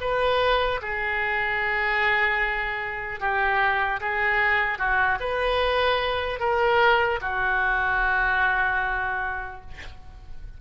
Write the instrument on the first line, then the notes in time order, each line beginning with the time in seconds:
oboe
0.00 B4
0.81 G#4
3.20 G4
4.00 G#4
4.78 F#4
5.20 B4
6.39 A#4
7.21 F#4